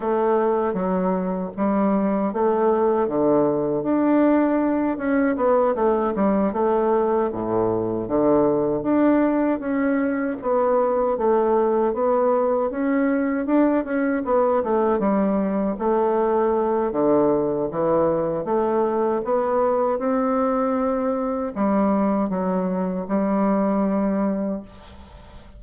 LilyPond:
\new Staff \with { instrumentName = "bassoon" } { \time 4/4 \tempo 4 = 78 a4 fis4 g4 a4 | d4 d'4. cis'8 b8 a8 | g8 a4 a,4 d4 d'8~ | d'8 cis'4 b4 a4 b8~ |
b8 cis'4 d'8 cis'8 b8 a8 g8~ | g8 a4. d4 e4 | a4 b4 c'2 | g4 fis4 g2 | }